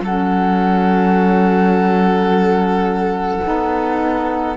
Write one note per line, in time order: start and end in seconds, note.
0.00 3.40 F#3
0.00 3.42 C#4
0.00 4.56 A4
0.00 4.56 F#5
3.42 4.56 B3
3.42 4.55 D#4